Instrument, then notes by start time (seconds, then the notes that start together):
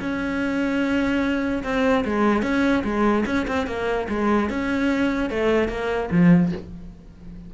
cello
0.00 C#4
1.64 C4
2.05 G#3
2.42 C#4
2.84 G#3
3.26 C#4
3.48 C4
3.67 A#3
4.09 G#3
4.50 C#4
5.30 A3
5.69 A#3
6.11 F3